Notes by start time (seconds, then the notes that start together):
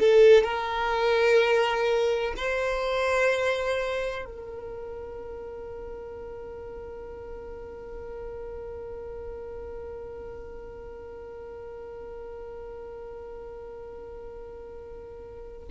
0.00 A4
0.43 A#4
2.37 C5
4.25 A#4